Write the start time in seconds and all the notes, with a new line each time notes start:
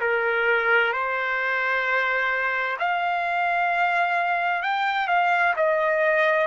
0.00 A#4
0.92 C5
2.79 F5
4.62 G5
5.08 F5
5.56 D#5